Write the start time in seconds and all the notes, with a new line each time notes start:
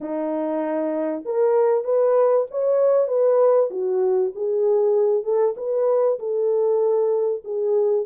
0.00 D#4
1.25 A#4
1.84 B4
2.51 C#5
3.07 B4
3.70 F#4
4.35 G#4
5.23 A4
5.57 B4
6.19 A4
7.44 G#4